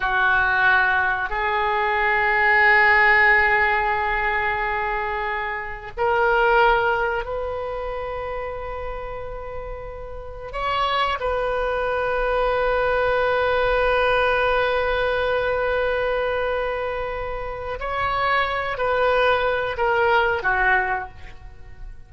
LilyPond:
\new Staff \with { instrumentName = "oboe" } { \time 4/4 \tempo 4 = 91 fis'2 gis'2~ | gis'1~ | gis'4 ais'2 b'4~ | b'1 |
cis''4 b'2.~ | b'1~ | b'2. cis''4~ | cis''8 b'4. ais'4 fis'4 | }